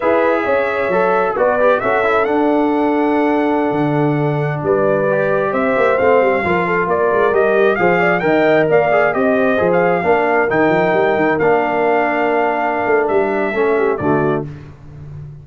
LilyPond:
<<
  \new Staff \with { instrumentName = "trumpet" } { \time 4/4 \tempo 4 = 133 e''2. d''4 | e''4 fis''2.~ | fis''2~ fis''16 d''4.~ d''16~ | d''16 e''4 f''2 d''8.~ |
d''16 dis''4 f''4 g''4 f''8.~ | f''16 dis''4~ dis''16 f''4.~ f''16 g''8.~ | g''4~ g''16 f''2~ f''8.~ | f''4 e''2 d''4 | }
  \new Staff \with { instrumentName = "horn" } { \time 4/4 b'4 cis''2 b'4 | a'1~ | a'2~ a'16 b'4.~ b'16~ | b'16 c''2 ais'8 a'8 ais'8.~ |
ais'4~ ais'16 c''8 d''8 dis''4 d''8.~ | d''16 dis''8 c''4. ais'4.~ ais'16~ | ais'1~ | ais'2 a'8 g'8 fis'4 | }
  \new Staff \with { instrumentName = "trombone" } { \time 4/4 gis'2 a'4 fis'8 g'8 | fis'8 e'8 d'2.~ | d'2.~ d'16 g'8.~ | g'4~ g'16 c'4 f'4.~ f'16~ |
f'16 g'4 gis'4 ais'4. gis'16~ | gis'16 g'4 gis'4 d'4 dis'8.~ | dis'4~ dis'16 d'2~ d'8.~ | d'2 cis'4 a4 | }
  \new Staff \with { instrumentName = "tuba" } { \time 4/4 e'4 cis'4 fis4 b4 | cis'4 d'2.~ | d'16 d2 g4.~ g16~ | g16 c'8 ais8 a8 g8 f4 ais8 gis16~ |
gis16 g4 f4 dis4 ais8.~ | ais16 c'4 f4 ais4 dis8 f16~ | f16 g8 dis8 ais2~ ais8.~ | ais8 a8 g4 a4 d4 | }
>>